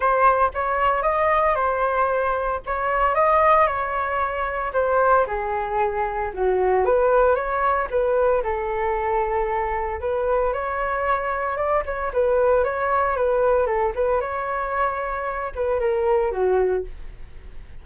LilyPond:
\new Staff \with { instrumentName = "flute" } { \time 4/4 \tempo 4 = 114 c''4 cis''4 dis''4 c''4~ | c''4 cis''4 dis''4 cis''4~ | cis''4 c''4 gis'2 | fis'4 b'4 cis''4 b'4 |
a'2. b'4 | cis''2 d''8 cis''8 b'4 | cis''4 b'4 a'8 b'8 cis''4~ | cis''4. b'8 ais'4 fis'4 | }